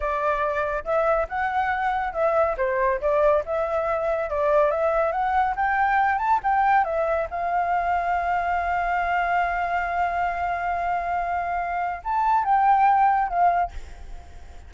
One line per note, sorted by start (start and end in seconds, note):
0.00 0.84 D5
0.84 1.27 E5
1.29 2.13 F#5
2.13 2.56 E5
2.57 3.00 C5
3.00 3.43 D5
3.45 4.30 E5
4.30 4.70 D5
4.70 5.11 E5
5.11 5.54 F#5
5.56 6.18 G5
6.18 6.40 A5
6.43 6.84 G5
6.84 7.27 E5
7.30 12.02 F5
12.04 12.44 A5
12.44 13.28 G5
13.28 13.71 F5